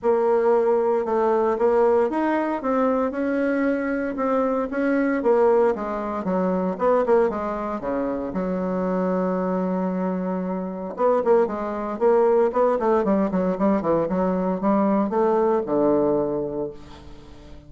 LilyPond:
\new Staff \with { instrumentName = "bassoon" } { \time 4/4 \tempo 4 = 115 ais2 a4 ais4 | dis'4 c'4 cis'2 | c'4 cis'4 ais4 gis4 | fis4 b8 ais8 gis4 cis4 |
fis1~ | fis4 b8 ais8 gis4 ais4 | b8 a8 g8 fis8 g8 e8 fis4 | g4 a4 d2 | }